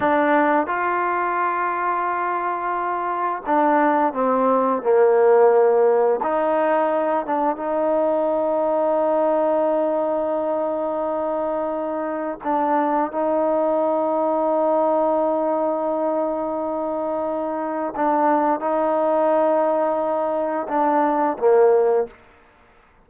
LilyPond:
\new Staff \with { instrumentName = "trombone" } { \time 4/4 \tempo 4 = 87 d'4 f'2.~ | f'4 d'4 c'4 ais4~ | ais4 dis'4. d'8 dis'4~ | dis'1~ |
dis'2 d'4 dis'4~ | dis'1~ | dis'2 d'4 dis'4~ | dis'2 d'4 ais4 | }